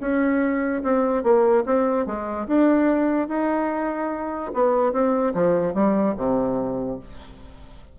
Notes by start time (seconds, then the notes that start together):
0.00 C#4
0.83 C4
1.23 A#3
1.66 C4
2.06 G#3
2.47 D4
3.28 D#4
4.53 B3
4.92 C4
5.34 F3
5.74 G3
6.17 C3